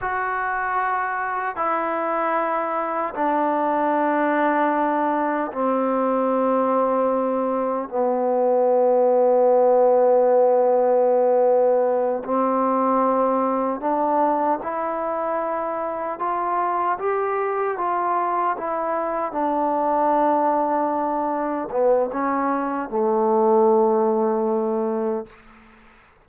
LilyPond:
\new Staff \with { instrumentName = "trombone" } { \time 4/4 \tempo 4 = 76 fis'2 e'2 | d'2. c'4~ | c'2 b2~ | b2.~ b8 c'8~ |
c'4. d'4 e'4.~ | e'8 f'4 g'4 f'4 e'8~ | e'8 d'2. b8 | cis'4 a2. | }